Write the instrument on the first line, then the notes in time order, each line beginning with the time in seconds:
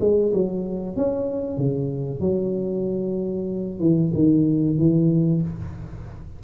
tuba
0.00 G#3
0.33 F#3
0.96 C#4
1.57 C#3
2.20 F#3
3.79 E3
4.14 D#3
4.78 E3